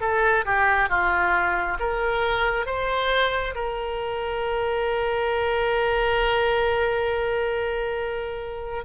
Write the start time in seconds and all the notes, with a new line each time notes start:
0.00 A4
0.45 G4
0.89 F4
1.79 A#4
2.66 C5
3.55 A#4